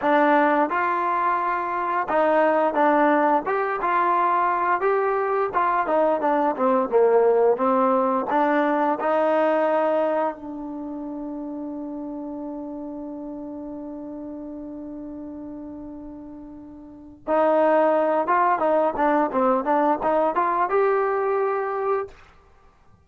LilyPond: \new Staff \with { instrumentName = "trombone" } { \time 4/4 \tempo 4 = 87 d'4 f'2 dis'4 | d'4 g'8 f'4. g'4 | f'8 dis'8 d'8 c'8 ais4 c'4 | d'4 dis'2 d'4~ |
d'1~ | d'1~ | d'4 dis'4. f'8 dis'8 d'8 | c'8 d'8 dis'8 f'8 g'2 | }